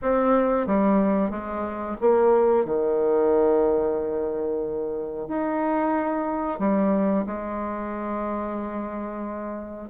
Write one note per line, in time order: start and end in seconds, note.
0.02 0.66 C4
0.66 1.30 G3
1.30 1.96 G#3
2.00 2.65 A#3
2.65 5.28 D#3
5.28 6.59 D#4
6.59 7.25 G3
7.26 9.89 G#3